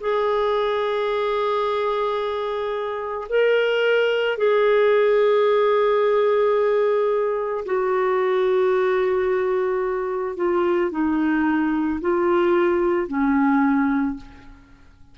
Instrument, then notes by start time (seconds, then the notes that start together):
clarinet
0.00 G#4
3.29 A#4
4.37 G#4
7.66 F#4
10.36 F4
10.91 D#4
12.00 F4
13.08 C#4